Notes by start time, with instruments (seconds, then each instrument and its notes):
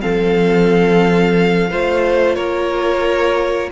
0.00 cello F3, viola C4, violin A4 F5
1.71 cello A3, viola F4, violin C5
2.35 cello A#3, violin A#4 C#5